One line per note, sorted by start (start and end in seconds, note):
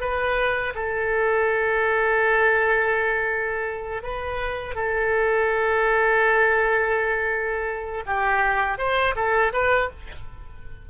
0.00 0.73 B4
0.75 4.02 A4
4.02 4.75 B4
4.75 8.04 A4
8.06 8.78 G4
8.78 9.14 C5
9.15 9.52 A4
9.53 9.89 B4